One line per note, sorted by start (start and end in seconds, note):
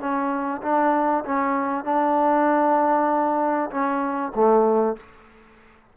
0.00 0.62 C#4
0.62 1.24 D4
1.25 1.85 C#4
1.85 3.71 D4
3.71 4.33 C#4
4.35 4.97 A3